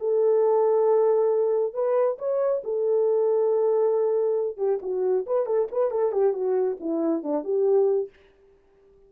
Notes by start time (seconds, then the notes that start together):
0.00 A4
1.74 B4
2.19 C#5
2.64 A4
4.58 G4
4.82 F#4
5.27 B4
5.46 A4
5.72 B4
5.91 A4
6.13 G4
6.34 F#4
6.80 E4
7.24 D4
7.44 G4